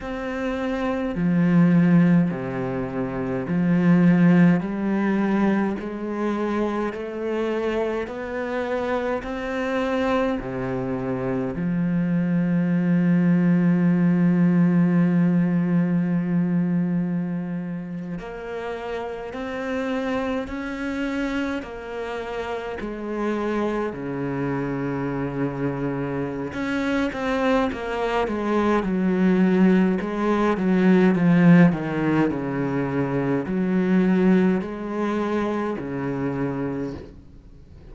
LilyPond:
\new Staff \with { instrumentName = "cello" } { \time 4/4 \tempo 4 = 52 c'4 f4 c4 f4 | g4 gis4 a4 b4 | c'4 c4 f2~ | f2.~ f8. ais16~ |
ais8. c'4 cis'4 ais4 gis16~ | gis8. cis2~ cis16 cis'8 c'8 | ais8 gis8 fis4 gis8 fis8 f8 dis8 | cis4 fis4 gis4 cis4 | }